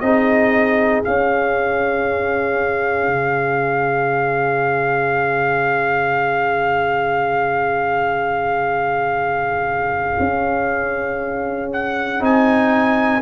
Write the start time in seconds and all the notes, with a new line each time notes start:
0.00 C4 D#4 G#4 D#5
1.04 C#4 F5
3.07 C#3
10.19 C#4
11.73 F#5
12.19 C4 D#4 G#5